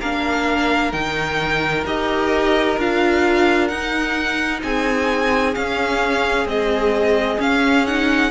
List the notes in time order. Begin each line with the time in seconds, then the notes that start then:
0.00 A#3 D4 A#4 F5
0.92 D#3 D#4 G5
1.85 D#4 G4 D#5
2.78 D4 F4 F5
3.68 D#4 F#5
4.63 C4 G#4 G#5
5.54 C#4 F5
6.45 G#3 C4 D#5
7.39 C#4 F5
7.87 D#4 F#5